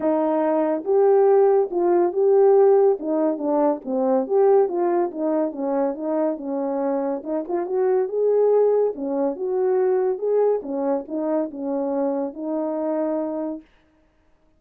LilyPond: \new Staff \with { instrumentName = "horn" } { \time 4/4 \tempo 4 = 141 dis'2 g'2 | f'4 g'2 dis'4 | d'4 c'4 g'4 f'4 | dis'4 cis'4 dis'4 cis'4~ |
cis'4 dis'8 f'8 fis'4 gis'4~ | gis'4 cis'4 fis'2 | gis'4 cis'4 dis'4 cis'4~ | cis'4 dis'2. | }